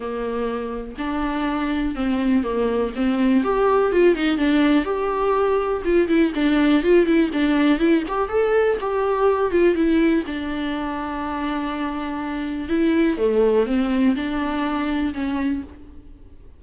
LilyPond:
\new Staff \with { instrumentName = "viola" } { \time 4/4 \tempo 4 = 123 ais2 d'2 | c'4 ais4 c'4 g'4 | f'8 dis'8 d'4 g'2 | f'8 e'8 d'4 f'8 e'8 d'4 |
e'8 g'8 a'4 g'4. f'8 | e'4 d'2.~ | d'2 e'4 a4 | c'4 d'2 cis'4 | }